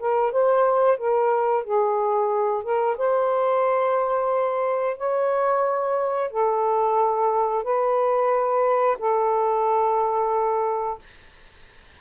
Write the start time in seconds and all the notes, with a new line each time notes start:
0.00 A#4
0.32 C5
0.98 A#4
1.64 G#4
2.64 A#4
2.98 C5
4.98 C#5
6.31 A4
7.64 B4
8.99 A4